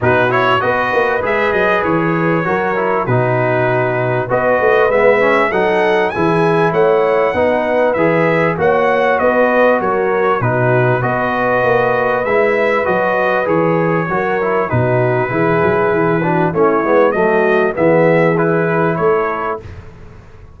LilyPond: <<
  \new Staff \with { instrumentName = "trumpet" } { \time 4/4 \tempo 4 = 98 b'8 cis''8 dis''4 e''8 dis''8 cis''4~ | cis''4 b'2 dis''4 | e''4 fis''4 gis''4 fis''4~ | fis''4 e''4 fis''4 dis''4 |
cis''4 b'4 dis''2 | e''4 dis''4 cis''2 | b'2. cis''4 | dis''4 e''4 b'4 cis''4 | }
  \new Staff \with { instrumentName = "horn" } { \time 4/4 fis'4 b'2. | ais'4 fis'2 b'4~ | b'4 a'4 gis'4 cis''4 | b'2 cis''4 b'4 |
ais'4 fis'4 b'2~ | b'2. ais'4 | fis'4 gis'4. fis'8 e'4 | fis'4 gis'2 a'4 | }
  \new Staff \with { instrumentName = "trombone" } { \time 4/4 dis'8 e'8 fis'4 gis'2 | fis'8 e'8 dis'2 fis'4 | b8 cis'8 dis'4 e'2 | dis'4 gis'4 fis'2~ |
fis'4 dis'4 fis'2 | e'4 fis'4 gis'4 fis'8 e'8 | dis'4 e'4. d'8 cis'8 b8 | a4 b4 e'2 | }
  \new Staff \with { instrumentName = "tuba" } { \time 4/4 b,4 b8 ais8 gis8 fis8 e4 | fis4 b,2 b8 a8 | gis4 fis4 e4 a4 | b4 e4 ais4 b4 |
fis4 b,4 b4 ais4 | gis4 fis4 e4 fis4 | b,4 e8 fis8 e4 a8 gis8 | fis4 e2 a4 | }
>>